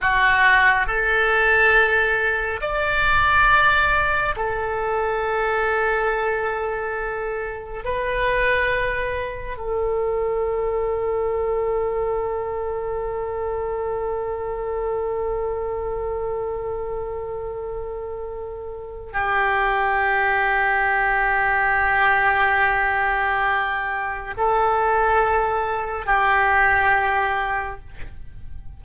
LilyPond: \new Staff \with { instrumentName = "oboe" } { \time 4/4 \tempo 4 = 69 fis'4 a'2 d''4~ | d''4 a'2.~ | a'4 b'2 a'4~ | a'1~ |
a'1~ | a'2 g'2~ | g'1 | a'2 g'2 | }